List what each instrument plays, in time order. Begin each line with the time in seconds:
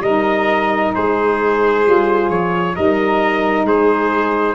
0.00 tuba G3, saxophone D#4, violin A#4, trumpet D#5
0.95 tuba G#3, violin G#4, trumpet C5
1.84 tuba G3, saxophone F4
2.30 tuba F3, trumpet C#5
2.75 tuba G3, saxophone D#4, violin A#4, trumpet D#5
3.64 tuba G#3, violin G#4, trumpet C5